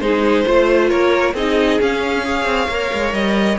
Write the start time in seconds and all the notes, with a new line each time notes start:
0.00 G#3 D#4 G#4 C5
0.45 A3 F4 C5
0.89 A#3 A#4 C#5
1.34 C4 D#4 G#4 D#5
1.80 C#4 F5
2.24 G#4 C#5
2.45 C4
2.68 A#3 A#4
2.93 G#3
3.13 G3 D#5